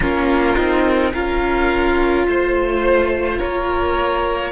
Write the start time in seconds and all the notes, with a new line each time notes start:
0.00 A#3 C#4 F4 A#4
0.56 C4 D#4
1.12 C#4 F4 A#4 F5
2.27 A3 C5
3.38 A#3 A#4 C#5